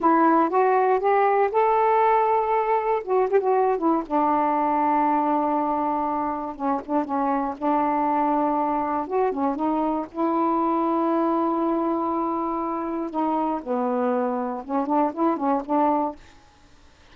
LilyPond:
\new Staff \with { instrumentName = "saxophone" } { \time 4/4 \tempo 4 = 119 e'4 fis'4 g'4 a'4~ | a'2 fis'8 g'16 fis'8. e'8 | d'1~ | d'4 cis'8 d'8 cis'4 d'4~ |
d'2 fis'8 cis'8 dis'4 | e'1~ | e'2 dis'4 b4~ | b4 cis'8 d'8 e'8 cis'8 d'4 | }